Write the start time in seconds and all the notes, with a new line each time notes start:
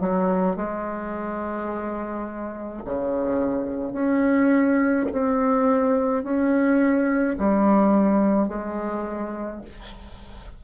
0.00 F#3
0.56 G#3
2.85 C#3
3.93 C#4
5.12 C4
6.23 C#4
7.38 G3
8.48 G#3